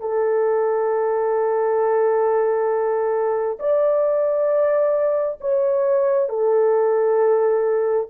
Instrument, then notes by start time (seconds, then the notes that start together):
horn
0.00 A4
3.59 D5
5.40 C#5
6.29 A4